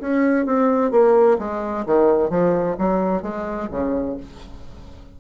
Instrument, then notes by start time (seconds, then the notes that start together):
bassoon
0.00 C#4
0.46 C4
0.91 A#3
1.39 G#3
1.86 D#3
2.30 F3
2.78 F#3
3.22 G#3
3.71 C#3